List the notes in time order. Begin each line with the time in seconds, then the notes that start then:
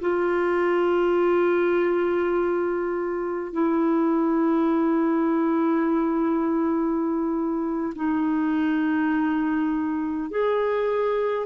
0.00 F4
3.52 E4
7.95 D#4
10.30 G#4